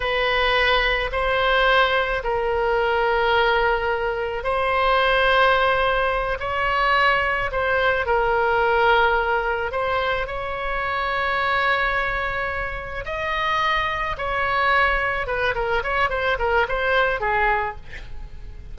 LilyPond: \new Staff \with { instrumentName = "oboe" } { \time 4/4 \tempo 4 = 108 b'2 c''2 | ais'1 | c''2.~ c''8 cis''8~ | cis''4. c''4 ais'4.~ |
ais'4. c''4 cis''4.~ | cis''2.~ cis''8 dis''8~ | dis''4. cis''2 b'8 | ais'8 cis''8 c''8 ais'8 c''4 gis'4 | }